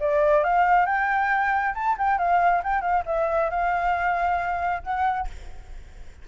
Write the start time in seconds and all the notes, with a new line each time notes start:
0.00 D5
0.44 F5
0.86 G5
1.75 A5
1.99 G5
2.18 F5
2.64 G5
2.82 F5
3.06 E5
3.51 F5
4.83 F#5